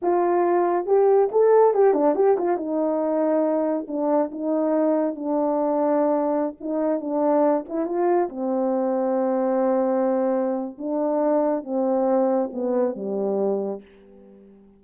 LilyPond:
\new Staff \with { instrumentName = "horn" } { \time 4/4 \tempo 4 = 139 f'2 g'4 a'4 | g'8 d'8 g'8 f'8 dis'2~ | dis'4 d'4 dis'2 | d'2.~ d'16 dis'8.~ |
dis'16 d'4. e'8 f'4 c'8.~ | c'1~ | c'4 d'2 c'4~ | c'4 b4 g2 | }